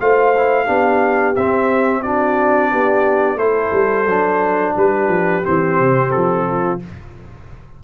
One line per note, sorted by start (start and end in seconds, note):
0.00 0.68 A3
0.00 0.35 F4
0.00 0.65 C5
0.00 1.36 F5
0.37 0.66 E4
0.65 1.37 B3
0.65 1.34 D4
0.65 2.01 G4
1.36 2.72 C4
1.36 2.04 C4
1.36 2.03 E5
2.03 3.38 D4
2.03 2.70 F#4
2.03 3.38 D5
2.70 3.36 B3
2.70 3.37 G4
3.36 3.70 A3
3.36 4.06 E4
3.36 4.73 A4
3.36 4.74 C5
3.73 4.06 G3
4.06 4.74 F#3
4.06 5.44 D4
4.76 5.08 G3
4.76 6.46 G4
4.76 5.45 B4
5.08 5.42 F3
5.44 5.80 E3
5.44 6.80 C4
5.44 6.11 C5
5.80 6.14 C3
6.11 6.84 F3
6.11 6.79 A4
6.47 6.81 F4